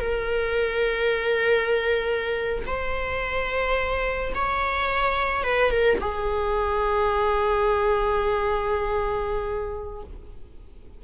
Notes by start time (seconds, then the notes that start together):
0.00 A#4
2.67 C5
4.35 C#5
5.44 B4
5.71 A#4
6.01 G#4